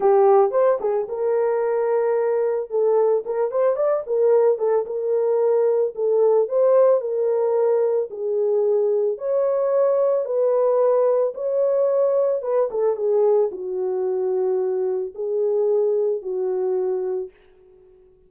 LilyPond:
\new Staff \with { instrumentName = "horn" } { \time 4/4 \tempo 4 = 111 g'4 c''8 gis'8 ais'2~ | ais'4 a'4 ais'8 c''8 d''8 ais'8~ | ais'8 a'8 ais'2 a'4 | c''4 ais'2 gis'4~ |
gis'4 cis''2 b'4~ | b'4 cis''2 b'8 a'8 | gis'4 fis'2. | gis'2 fis'2 | }